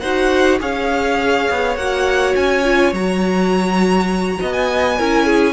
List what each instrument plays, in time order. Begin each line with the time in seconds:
0.00 cello D#4, viola F#4, violin C5 F#5
0.60 cello C#4, viola G#4, violin C#5 F5
1.51 cello B3
1.76 cello A#3, viola F#4, violin F#5
2.35 cello C#4, violin G#5
2.64 viola F4
2.93 cello F#3, viola F#4, violin A#5
4.41 cello B3, violin D#5
4.53 violin G#5
4.97 cello C#4, viola E4, violin A#4
5.26 violin G#4